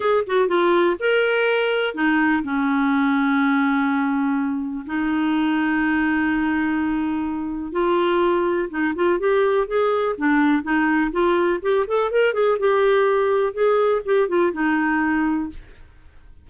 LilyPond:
\new Staff \with { instrumentName = "clarinet" } { \time 4/4 \tempo 4 = 124 gis'8 fis'8 f'4 ais'2 | dis'4 cis'2.~ | cis'2 dis'2~ | dis'1 |
f'2 dis'8 f'8 g'4 | gis'4 d'4 dis'4 f'4 | g'8 a'8 ais'8 gis'8 g'2 | gis'4 g'8 f'8 dis'2 | }